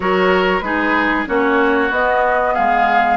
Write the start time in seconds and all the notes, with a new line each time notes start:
0.00 F#3 F#4 A#4 C#5
0.60 G#3 D#4 G#4 B4
1.26 A#3 C#4 F#4 C#5
1.90 B3 D#5
2.54 G#3 G#4 F5